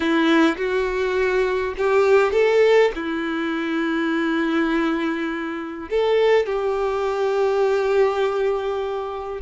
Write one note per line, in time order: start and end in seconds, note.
0.00 0.56 E4
0.56 1.74 F#4
1.77 2.32 G4
2.32 2.91 A4
2.95 5.89 E4
5.90 6.45 A4
6.45 9.40 G4